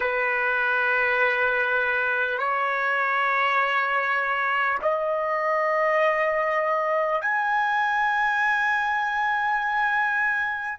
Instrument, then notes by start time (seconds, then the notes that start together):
trumpet
0.00 B4
2.38 C#5
4.82 D#5
7.21 G#5